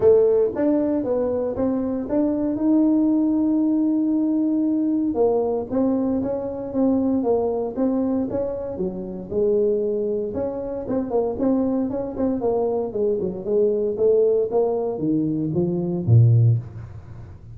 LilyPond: \new Staff \with { instrumentName = "tuba" } { \time 4/4 \tempo 4 = 116 a4 d'4 b4 c'4 | d'4 dis'2.~ | dis'2 ais4 c'4 | cis'4 c'4 ais4 c'4 |
cis'4 fis4 gis2 | cis'4 c'8 ais8 c'4 cis'8 c'8 | ais4 gis8 fis8 gis4 a4 | ais4 dis4 f4 ais,4 | }